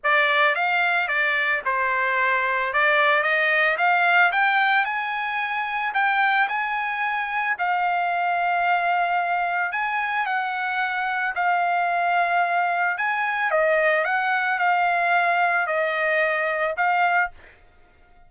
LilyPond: \new Staff \with { instrumentName = "trumpet" } { \time 4/4 \tempo 4 = 111 d''4 f''4 d''4 c''4~ | c''4 d''4 dis''4 f''4 | g''4 gis''2 g''4 | gis''2 f''2~ |
f''2 gis''4 fis''4~ | fis''4 f''2. | gis''4 dis''4 fis''4 f''4~ | f''4 dis''2 f''4 | }